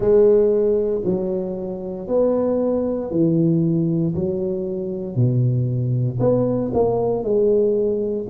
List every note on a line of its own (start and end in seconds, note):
0.00 1.01 G#3
1.04 2.07 F#3
2.07 3.10 B3
3.10 4.14 E3
4.14 5.15 F#3
5.15 6.18 B2
6.19 6.71 B3
6.73 7.23 A#3
7.23 8.27 G#3